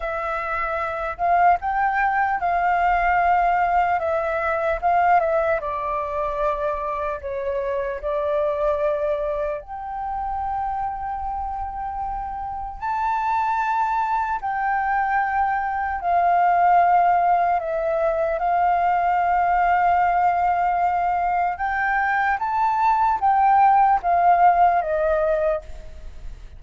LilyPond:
\new Staff \with { instrumentName = "flute" } { \time 4/4 \tempo 4 = 75 e''4. f''8 g''4 f''4~ | f''4 e''4 f''8 e''8 d''4~ | d''4 cis''4 d''2 | g''1 |
a''2 g''2 | f''2 e''4 f''4~ | f''2. g''4 | a''4 g''4 f''4 dis''4 | }